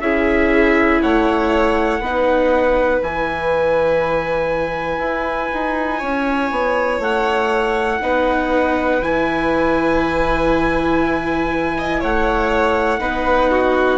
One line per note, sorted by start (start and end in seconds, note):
0.00 1.00 C#4
0.00 2.01 E4
0.00 1.01 G#4
0.00 1.00 E5
1.01 2.00 A3
1.01 2.01 C#5
1.01 3.02 F#5
2.00 3.00 B3
2.00 3.01 D#4
2.00 5.98 B4
3.01 4.98 E3
3.01 8.01 E4
3.01 7.02 G#5
4.98 5.48 E4
5.53 6.02 D#4
5.98 6.51 C#4
5.98 7.98 C#5
6.51 6.99 B3
6.99 7.99 A3
6.99 9.02 F#5
8.01 9.01 B3
8.01 9.01 D#4
8.01 11.77 B4
9.01 12.01 E3
9.01 12.99 E4
9.01 12.02 G#5
11.78 11.99 D#5
11.99 12.99 A3
11.99 12.99 C#5
11.99 13.97 F#5
12.99 13.97 B3
12.99 13.97 D#4
12.99 13.50 B4
13.50 13.97 F#4